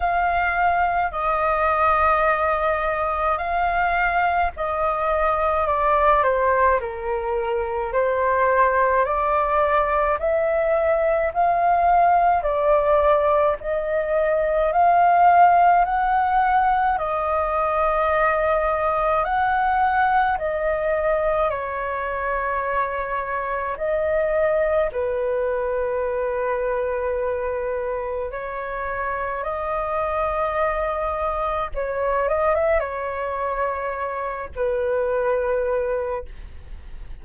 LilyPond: \new Staff \with { instrumentName = "flute" } { \time 4/4 \tempo 4 = 53 f''4 dis''2 f''4 | dis''4 d''8 c''8 ais'4 c''4 | d''4 e''4 f''4 d''4 | dis''4 f''4 fis''4 dis''4~ |
dis''4 fis''4 dis''4 cis''4~ | cis''4 dis''4 b'2~ | b'4 cis''4 dis''2 | cis''8 dis''16 e''16 cis''4. b'4. | }